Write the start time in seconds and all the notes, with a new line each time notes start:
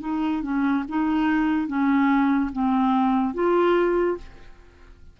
0.00 D#4
0.42 C#4
0.88 D#4
1.67 C#4
2.52 C4
3.33 F4